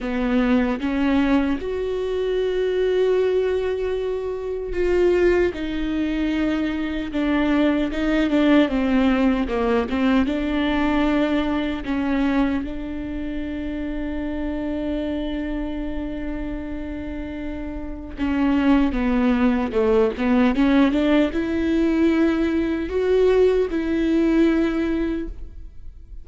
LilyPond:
\new Staff \with { instrumentName = "viola" } { \time 4/4 \tempo 4 = 76 b4 cis'4 fis'2~ | fis'2 f'4 dis'4~ | dis'4 d'4 dis'8 d'8 c'4 | ais8 c'8 d'2 cis'4 |
d'1~ | d'2. cis'4 | b4 a8 b8 cis'8 d'8 e'4~ | e'4 fis'4 e'2 | }